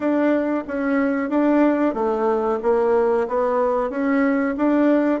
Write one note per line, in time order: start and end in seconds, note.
0.00 0.63 D4
0.67 1.29 C#4
1.29 1.94 D4
1.94 2.59 A3
2.62 3.27 A#3
3.28 3.90 B3
3.90 4.55 C#4
4.57 5.20 D4